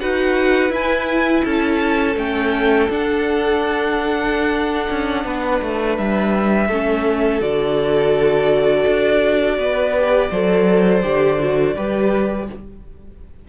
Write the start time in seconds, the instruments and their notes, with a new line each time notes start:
0.00 cello D#4, viola F#4, violin B4 F#5
0.70 viola E4, cello E4, violin G#5
1.45 cello C#4, violin A4 A5
2.16 cello A3, viola C#4, violin G5
2.89 cello D4, viola D4, violin F#5
4.89 cello C#4
5.25 cello B3, violin B4
5.62 cello A3
5.97 cello G3, violin E5
6.68 cello A3, viola C#4, violin A4
7.41 cello D3, viola F#4, violin D5
8.86 cello D4
9.58 cello B3, violin B4
9.96 viola G4
10.30 cello F#3, viola A4, violin C5
11.03 cello D3, viola G4
11.39 viola F#4
11.76 cello G3, viola G4, violin B4